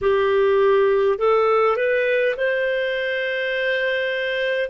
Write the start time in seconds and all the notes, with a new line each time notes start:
0.01 G4
1.18 A4
1.76 B4
2.36 C5